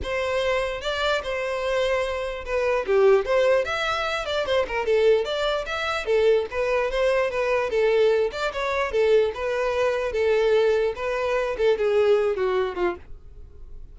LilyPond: \new Staff \with { instrumentName = "violin" } { \time 4/4 \tempo 4 = 148 c''2 d''4 c''4~ | c''2 b'4 g'4 | c''4 e''4. d''8 c''8 ais'8 | a'4 d''4 e''4 a'4 |
b'4 c''4 b'4 a'4~ | a'8 d''8 cis''4 a'4 b'4~ | b'4 a'2 b'4~ | b'8 a'8 gis'4. fis'4 f'8 | }